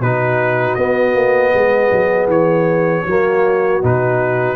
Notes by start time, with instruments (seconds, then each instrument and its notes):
0.00 tuba B2, trombone D#4, horn F#4, trumpet B4
0.75 tuba B3, trombone B3, trumpet D#5
1.15 tuba A#3
1.54 tuba G#3, horn G#4
1.92 tuba F#3
2.28 tuba E3, trumpet C#5
3.07 tuba F#3, trombone A#3, horn F#4
3.83 tuba B2, trombone D#4, trumpet B4